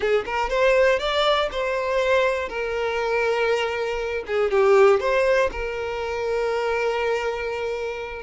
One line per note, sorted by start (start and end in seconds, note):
0.00 0.25 G#4
0.25 0.49 A#4
0.49 0.99 C5
0.99 1.49 D5
1.51 2.48 C5
2.48 4.23 A#4
4.27 4.50 G#4
4.50 5.00 G4
5.00 5.50 C5
5.51 8.22 A#4